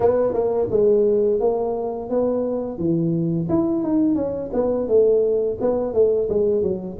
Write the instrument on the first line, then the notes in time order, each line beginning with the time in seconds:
tuba
0.00 B3
0.33 A#3
0.70 G#3
1.40 A#3
2.09 B3
2.78 E3
3.49 E4
3.83 D#4
4.15 C#4
4.53 B3
4.88 A3
5.60 B3
5.93 A3
6.29 G#3
6.62 F#3